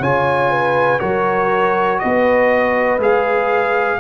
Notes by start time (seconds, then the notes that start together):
0.00 C#3 F4 C#5 G#5
0.51 B4
1.00 F#3 F#4 A#4 C#5
1.99 B3 B4 D#5
2.98 G#3 G#4 F5